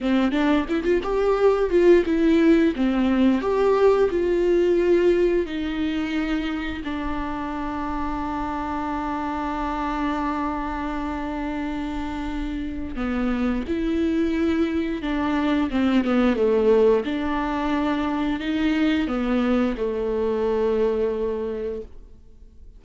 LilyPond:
\new Staff \with { instrumentName = "viola" } { \time 4/4 \tempo 4 = 88 c'8 d'8 e'16 f'16 g'4 f'8 e'4 | c'4 g'4 f'2 | dis'2 d'2~ | d'1~ |
d'2. b4 | e'2 d'4 c'8 b8 | a4 d'2 dis'4 | b4 a2. | }